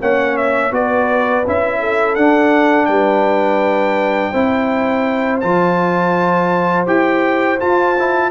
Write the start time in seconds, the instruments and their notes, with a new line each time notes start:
0.00 tuba A#3, trombone C#4, horn C#5, trumpet F#5
0.36 trumpet E5
0.71 tuba B3, trombone F#4, horn B4, trumpet D5
1.46 tuba C#4, trombone E4, trumpet E5
1.79 horn A4
2.15 tuba D4, trombone D4, trumpet F#5
2.85 tuba G3, horn B4, trumpet G5
4.31 tuba C4, trombone E4, horn C5
5.40 tuba F3, trombone F4, trumpet A5
6.86 tuba E4, trombone G4, trumpet G5
7.59 trombone F4, tuba F4, trumpet A5
7.99 trombone E4